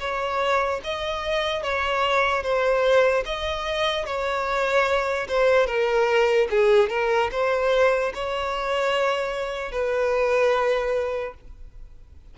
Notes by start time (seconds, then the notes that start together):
0.00 C#5
0.84 D#5
1.63 C#5
2.43 C5
3.26 D#5
4.06 C#5
5.29 C5
5.67 A#4
6.50 G#4
6.90 A#4
7.32 C5
8.14 C#5
9.72 B4